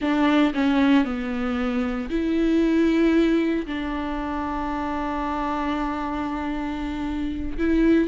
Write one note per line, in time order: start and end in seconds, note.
0.01 0.53 D4
0.54 1.04 C#4
1.04 2.09 B3
2.09 3.66 E4
3.66 7.57 D4
7.58 8.08 E4